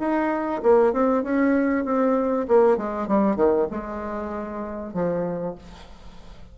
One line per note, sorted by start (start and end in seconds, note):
0.00 0.62 D#4
0.63 0.93 A#3
0.93 1.23 C4
1.23 1.85 C#4
1.85 2.47 C4
2.49 2.78 A#3
2.78 3.08 G#3
3.08 3.37 G3
3.37 3.67 D#3
3.71 4.94 G#3
4.94 5.56 F3